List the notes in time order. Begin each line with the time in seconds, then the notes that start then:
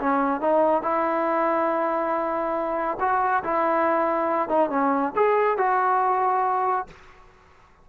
0.00 C#4
0.41 D#4
0.83 E4
3.00 F#4
3.44 E4
4.49 D#4
4.70 C#4
5.16 G#4
5.58 F#4